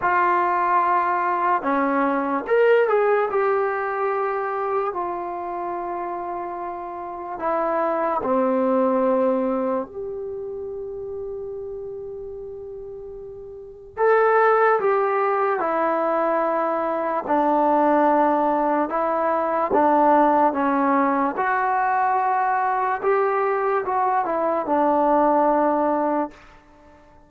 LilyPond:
\new Staff \with { instrumentName = "trombone" } { \time 4/4 \tempo 4 = 73 f'2 cis'4 ais'8 gis'8 | g'2 f'2~ | f'4 e'4 c'2 | g'1~ |
g'4 a'4 g'4 e'4~ | e'4 d'2 e'4 | d'4 cis'4 fis'2 | g'4 fis'8 e'8 d'2 | }